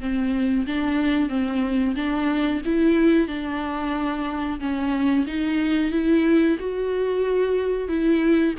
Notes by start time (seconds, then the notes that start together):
0.00 C4
0.67 D4
1.29 C4
1.96 D4
2.65 E4
3.28 D4
4.60 C#4
5.27 D#4
5.92 E4
6.60 F#4
7.89 E4